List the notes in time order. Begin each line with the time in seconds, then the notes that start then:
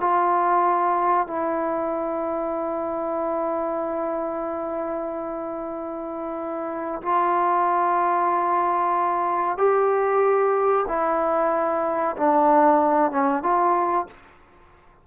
0.00 F4
1.27 E4
7.02 F4
9.57 G4
10.88 E4
12.16 D4
13.11 C#4
13.42 F4